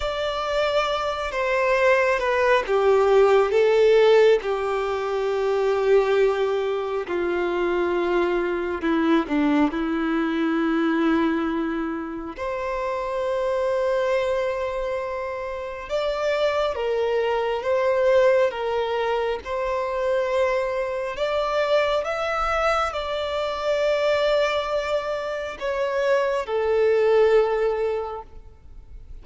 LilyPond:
\new Staff \with { instrumentName = "violin" } { \time 4/4 \tempo 4 = 68 d''4. c''4 b'8 g'4 | a'4 g'2. | f'2 e'8 d'8 e'4~ | e'2 c''2~ |
c''2 d''4 ais'4 | c''4 ais'4 c''2 | d''4 e''4 d''2~ | d''4 cis''4 a'2 | }